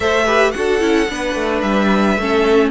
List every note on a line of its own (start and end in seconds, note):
0.00 0.54 A3
0.00 0.26 A4
0.00 0.25 C5
0.00 0.51 E5
0.25 0.53 G4
0.25 0.52 B4
0.51 0.81 D4
0.51 0.79 F#4
0.51 1.11 A4
0.51 1.60 F#5
0.79 1.08 C#4
0.79 1.06 E4
1.09 1.35 B3
1.09 2.18 D4
1.09 2.20 B4
1.35 1.62 A3
1.61 2.17 G3
1.61 2.70 E5
2.17 2.70 A3
2.17 2.70 C#4
2.17 2.70 A4